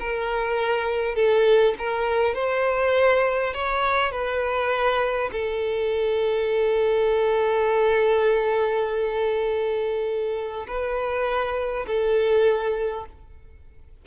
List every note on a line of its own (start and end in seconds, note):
0.00 1.15 A#4
1.15 1.75 A4
1.78 2.35 A#4
2.35 3.53 C5
3.54 4.12 C#5
4.12 5.31 B4
5.32 10.67 A4
10.67 11.86 B4
11.87 13.06 A4